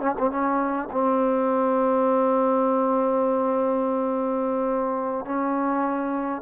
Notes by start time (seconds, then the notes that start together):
0.00 C#4
0.19 C4
0.30 C#4
0.92 C4
5.25 C#4